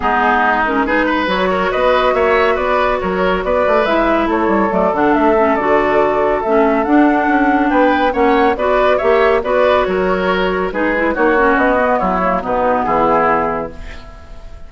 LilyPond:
<<
  \new Staff \with { instrumentName = "flute" } { \time 4/4 \tempo 4 = 140 gis'4. ais'8 b'4 cis''4 | dis''4 e''4 d''4 cis''4 | d''4 e''4 cis''4 d''8 fis''8 | e''4 d''2 e''4 |
fis''2 g''4 fis''4 | d''4 e''4 d''4 cis''4~ | cis''4 b'4 cis''4 dis''4 | cis''4 b'4 gis'2 | }
  \new Staff \with { instrumentName = "oboe" } { \time 4/4 dis'2 gis'8 b'4 ais'8 | b'4 cis''4 b'4 ais'4 | b'2 a'2~ | a'1~ |
a'2 b'4 cis''4 | b'4 cis''4 b'4 ais'4~ | ais'4 gis'4 fis'2 | e'4 dis'4 e'2 | }
  \new Staff \with { instrumentName = "clarinet" } { \time 4/4 b4. cis'8 dis'4 fis'4~ | fis'1~ | fis'4 e'2 a8 d'8~ | d'8 cis'8 fis'2 cis'4 |
d'2. cis'4 | fis'4 g'4 fis'2~ | fis'4 dis'8 e'8 dis'8 cis'4 b8~ | b8 ais8 b2. | }
  \new Staff \with { instrumentName = "bassoon" } { \time 4/4 gis2. fis4 | b4 ais4 b4 fis4 | b8 a8 gis4 a8 g8 fis8 d8 | a4 d2 a4 |
d'4 cis'4 b4 ais4 | b4 ais4 b4 fis4~ | fis4 gis4 ais4 b4 | fis4 b,4 e2 | }
>>